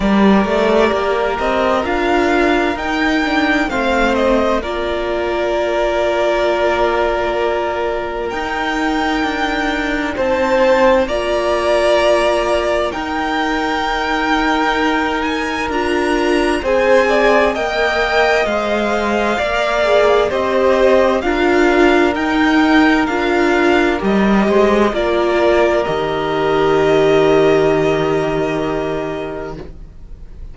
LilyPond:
<<
  \new Staff \with { instrumentName = "violin" } { \time 4/4 \tempo 4 = 65 d''4. dis''8 f''4 g''4 | f''8 dis''8 d''2.~ | d''4 g''2 a''4 | ais''2 g''2~ |
g''8 gis''8 ais''4 gis''4 g''4 | f''2 dis''4 f''4 | g''4 f''4 dis''4 d''4 | dis''1 | }
  \new Staff \with { instrumentName = "violin" } { \time 4/4 ais'1 | c''4 ais'2.~ | ais'2. c''4 | d''2 ais'2~ |
ais'2 c''8 d''8 dis''4~ | dis''4 d''4 c''4 ais'4~ | ais'2~ ais'8 c''8 ais'4~ | ais'1 | }
  \new Staff \with { instrumentName = "viola" } { \time 4/4 g'2 f'4 dis'8 d'8 | c'4 f'2.~ | f'4 dis'2. | f'2 dis'2~ |
dis'4 f'4 gis'4 ais'4 | c''4 ais'8 gis'8 g'4 f'4 | dis'4 f'4 g'4 f'4 | g'1 | }
  \new Staff \with { instrumentName = "cello" } { \time 4/4 g8 a8 ais8 c'8 d'4 dis'4 | a4 ais2.~ | ais4 dis'4 d'4 c'4 | ais2 dis'2~ |
dis'4 d'4 c'4 ais4 | gis4 ais4 c'4 d'4 | dis'4 d'4 g8 gis8 ais4 | dis1 | }
>>